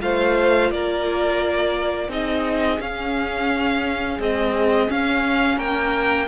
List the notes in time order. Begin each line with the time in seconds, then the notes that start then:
0.00 A3 F4 C5 F5
0.70 A#3 A#4 D5
2.08 C4 D#4 G#4 D#5
2.80 C#4 F5
4.18 G#3 C4 D#5
4.88 C#4 F5
5.57 A#3 A#4 G5